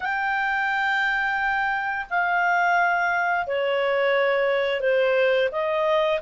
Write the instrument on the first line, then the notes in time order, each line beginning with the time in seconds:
clarinet
0.00 G5
2.09 F5
3.46 C#5
4.80 C5
5.51 D#5